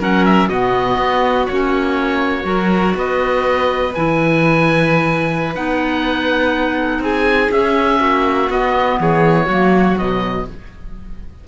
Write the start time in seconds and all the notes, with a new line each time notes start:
0.00 F#3 C#4 A#4 F#5
0.26 E5
0.49 B2 B3 F#4 D#5
0.98 B3
1.47 A#3 C#4 C#5
2.43 F#3 F#4 A#4
2.95 B3 B4 D#5
3.95 E3 E4 G#5
5.55 B3 D#4 F#5
6.79 A4
7.00 C4 G#4 G#5
7.52 C#4 E5
8.01 A#3 F#4
8.50 B3 D#5
9.00 E3 G#4 C#5
9.46 F#3 A#3 F#4
9.97 B2 F#3 D#5